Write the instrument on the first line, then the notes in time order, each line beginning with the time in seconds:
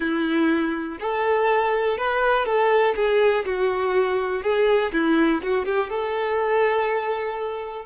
violin
0.00 E4
0.99 A4
1.97 B4
2.45 A4
2.95 G#4
3.45 F#4
4.43 G#4
4.92 E4
5.42 F#4
5.65 G4
5.89 A4